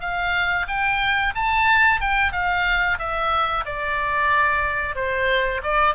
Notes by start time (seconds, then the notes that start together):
0.00 F5
0.67 G5
1.35 A5
2.00 G5
2.32 F5
2.99 E5
3.65 D5
4.95 C5
5.63 D5